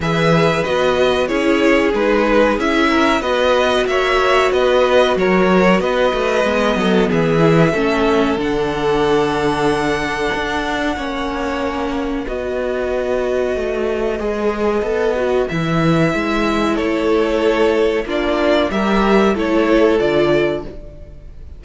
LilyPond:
<<
  \new Staff \with { instrumentName = "violin" } { \time 4/4 \tempo 4 = 93 e''4 dis''4 cis''4 b'4 | e''4 dis''4 e''4 dis''4 | cis''4 dis''2 e''4~ | e''4 fis''2.~ |
fis''2. dis''4~ | dis''1 | e''2 cis''2 | d''4 e''4 cis''4 d''4 | }
  \new Staff \with { instrumentName = "violin" } { \time 4/4 b'2 gis'2~ | gis'8 ais'8 b'4 cis''4 b'4 | ais'4 b'4. a'8 gis'4 | a'1~ |
a'4 cis''2 b'4~ | b'1~ | b'2 a'2 | f'4 ais'4 a'2 | }
  \new Staff \with { instrumentName = "viola" } { \time 4/4 gis'4 fis'4 e'4 dis'4 | e'4 fis'2.~ | fis'2 b4. e'8 | cis'4 d'2.~ |
d'4 cis'2 fis'4~ | fis'2 gis'4 a'8 fis'8 | e'1 | d'4 g'4 e'4 f'4 | }
  \new Staff \with { instrumentName = "cello" } { \time 4/4 e4 b4 cis'4 gis4 | cis'4 b4 ais4 b4 | fis4 b8 a8 gis8 fis8 e4 | a4 d2. |
d'4 ais2 b4~ | b4 a4 gis4 b4 | e4 gis4 a2 | ais4 g4 a4 d4 | }
>>